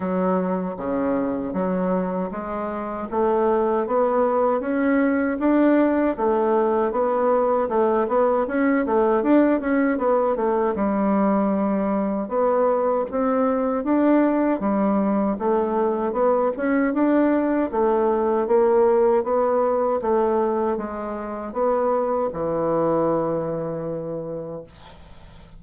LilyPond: \new Staff \with { instrumentName = "bassoon" } { \time 4/4 \tempo 4 = 78 fis4 cis4 fis4 gis4 | a4 b4 cis'4 d'4 | a4 b4 a8 b8 cis'8 a8 | d'8 cis'8 b8 a8 g2 |
b4 c'4 d'4 g4 | a4 b8 cis'8 d'4 a4 | ais4 b4 a4 gis4 | b4 e2. | }